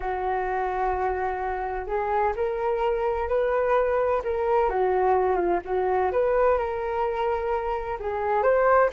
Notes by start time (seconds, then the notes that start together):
0.00 F#4
1.86 G#4
2.36 A#4
3.28 B4
4.24 A#4
4.69 F#4
5.36 F4
5.64 F#4
6.12 B4
6.58 A#4
7.99 G#4
8.42 C5